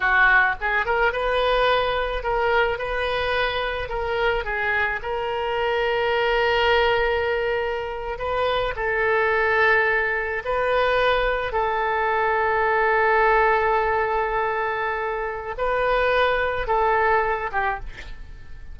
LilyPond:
\new Staff \with { instrumentName = "oboe" } { \time 4/4 \tempo 4 = 108 fis'4 gis'8 ais'8 b'2 | ais'4 b'2 ais'4 | gis'4 ais'2.~ | ais'2~ ais'8. b'4 a'16~ |
a'2~ a'8. b'4~ b'16~ | b'8. a'2.~ a'16~ | a'1 | b'2 a'4. g'8 | }